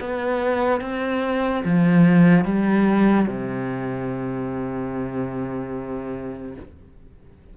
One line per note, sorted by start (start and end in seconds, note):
0.00 0.81 B3
0.81 1.63 C4
1.64 2.44 F3
2.44 3.27 G3
3.27 6.56 C3